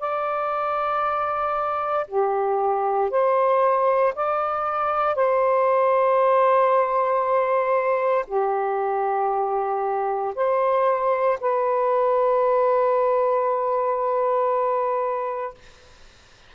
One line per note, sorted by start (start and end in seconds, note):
0.00 2.07 D5
2.08 3.11 G4
3.11 4.14 C5
4.15 5.15 D5
5.15 8.26 C5
8.28 10.34 G4
10.36 11.39 C5
11.41 15.55 B4